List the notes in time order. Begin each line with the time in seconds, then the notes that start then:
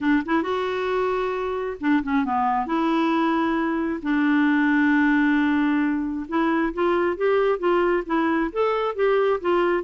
0.00 D4
0.25 E4
0.43 F#4
1.80 D4
2.03 C#4
2.24 B3
2.66 E4
4.02 D4
6.28 E4
6.73 F4
7.16 G4
7.59 F4
8.06 E4
8.52 A4
8.95 G4
9.41 F4